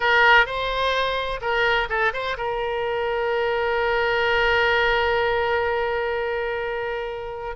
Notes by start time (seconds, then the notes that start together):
0.00 A#4
0.46 C5
1.41 A#4
1.89 A4
2.13 C5
2.37 A#4